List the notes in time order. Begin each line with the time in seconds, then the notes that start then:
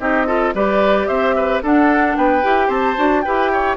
0.00 C4 D#4 G4 D#5
0.27 F4 A4
0.54 G3 G4 B4 D5
1.07 C4 C5 E5
1.36 B4
1.62 D4 A4 F#5
2.16 B3 B4 G5
2.42 E4 G4
2.67 C4 C5 A5
2.96 D4 F#4
3.21 E4 G4 B4 G5
3.52 C#5